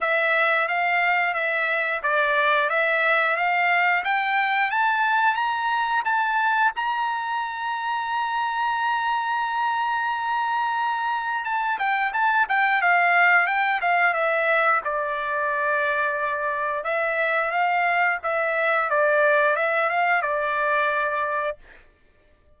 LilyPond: \new Staff \with { instrumentName = "trumpet" } { \time 4/4 \tempo 4 = 89 e''4 f''4 e''4 d''4 | e''4 f''4 g''4 a''4 | ais''4 a''4 ais''2~ | ais''1~ |
ais''4 a''8 g''8 a''8 g''8 f''4 | g''8 f''8 e''4 d''2~ | d''4 e''4 f''4 e''4 | d''4 e''8 f''8 d''2 | }